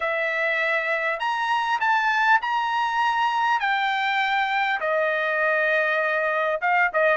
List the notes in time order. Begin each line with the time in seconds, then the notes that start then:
0.00 E5
1.19 A#5
1.80 A5
2.41 A#5
3.59 G5
4.80 D#5
6.61 F5
6.93 D#5